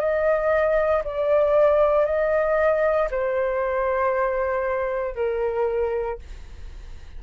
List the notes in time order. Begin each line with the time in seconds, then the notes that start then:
0.00 D#5
1.04 D5
2.06 D#5
3.11 C5
5.16 A#4